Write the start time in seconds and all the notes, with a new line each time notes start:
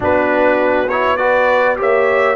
0.00 B3 D4 F#4 B4
0.88 E4 C#5
1.16 F#4 B4 D5
1.76 A#3 G4 C#5 E5